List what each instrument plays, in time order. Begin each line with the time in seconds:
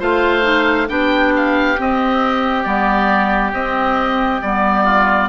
0.00 bassoon A3, clarinet F4, oboe C5 F5
0.42 clarinet D#4
0.89 bassoon B3, clarinet D4, oboe G4 G5
1.36 oboe F5
1.78 clarinet C4, bassoon C4, oboe D#5
2.64 bassoon G3, clarinet B3, oboe D5
3.53 bassoon C4, clarinet C4, oboe D#5
4.42 bassoon G3, clarinet B3, oboe D5
4.85 oboe F4